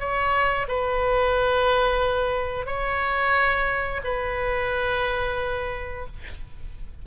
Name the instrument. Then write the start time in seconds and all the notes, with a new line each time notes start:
oboe
0.00 C#5
0.68 B4
2.66 C#5
4.04 B4